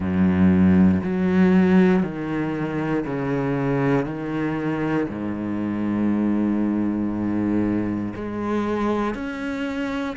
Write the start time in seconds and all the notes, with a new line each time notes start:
0.00 F#2
1.03 F#3
2.02 D#3
3.05 C#3
4.05 D#3
5.08 G#2
8.14 G#3
9.14 C#4